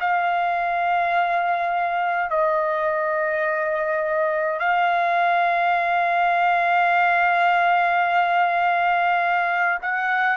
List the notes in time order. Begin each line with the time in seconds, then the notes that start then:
0.00 F5
2.30 D#5
4.59 F5
9.82 F#5